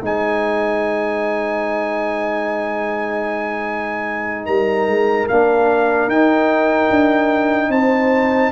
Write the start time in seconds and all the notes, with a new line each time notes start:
0.00 G#3 D#4 C5 G#5
4.46 G3 A#4 A#5
4.87 G#3
5.29 A#3 D4 F5
6.08 D#4 G5
6.91 D4
7.69 C4 C5 A5